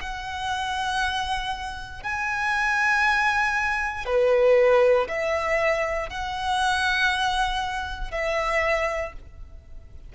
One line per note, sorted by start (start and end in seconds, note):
0.00 2.03 F#5
2.03 4.05 G#5
4.05 5.07 B4
5.08 6.09 E5
6.09 8.11 F#5
8.11 9.12 E5